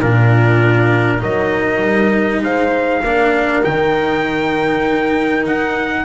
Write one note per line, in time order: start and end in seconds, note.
0.00 1.21 A#2
0.00 1.18 D4
0.00 1.20 F4
0.00 1.22 A#4
1.18 1.81 F#3
1.18 3.00 D#4
1.18 2.41 A#4
1.18 2.43 D#5
1.81 2.42 G3
2.42 3.02 G#3
2.42 3.03 C5
2.42 3.64 F5
3.02 3.63 A#3
3.02 3.63 D4
3.02 6.05 A#4
3.63 5.46 D#3
3.63 6.05 D#4
3.63 5.46 G5
5.46 6.05 D#4
5.46 6.05 F#5